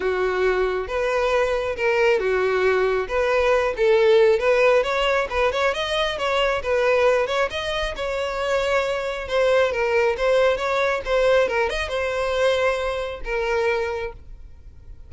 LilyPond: \new Staff \with { instrumentName = "violin" } { \time 4/4 \tempo 4 = 136 fis'2 b'2 | ais'4 fis'2 b'4~ | b'8 a'4. b'4 cis''4 | b'8 cis''8 dis''4 cis''4 b'4~ |
b'8 cis''8 dis''4 cis''2~ | cis''4 c''4 ais'4 c''4 | cis''4 c''4 ais'8 dis''8 c''4~ | c''2 ais'2 | }